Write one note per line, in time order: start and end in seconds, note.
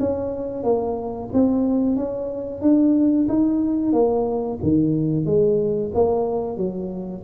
0.00 0.63 C#4
0.63 1.29 A#3
1.33 1.96 C4
1.96 2.61 C#4
2.61 3.27 D4
3.29 3.93 D#4
3.93 4.59 A#3
4.62 5.25 D#3
5.25 5.91 G#3
5.94 6.57 A#3
6.57 7.23 F#3